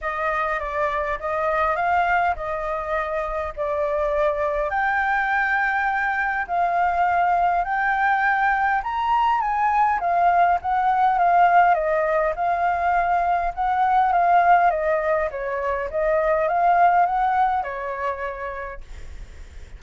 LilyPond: \new Staff \with { instrumentName = "flute" } { \time 4/4 \tempo 4 = 102 dis''4 d''4 dis''4 f''4 | dis''2 d''2 | g''2. f''4~ | f''4 g''2 ais''4 |
gis''4 f''4 fis''4 f''4 | dis''4 f''2 fis''4 | f''4 dis''4 cis''4 dis''4 | f''4 fis''4 cis''2 | }